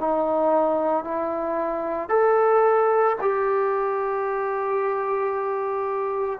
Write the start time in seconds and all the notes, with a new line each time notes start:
0.00 D#4
1.05 E4
2.09 A4
3.21 G4